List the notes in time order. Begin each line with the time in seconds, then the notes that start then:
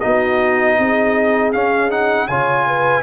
0.00 B3 D#4 F#4 D#5
0.78 C4 G#4
1.53 C#4 F5
1.90 D#4 F#5
2.28 C#3 F4 C#5 G#5
2.67 B4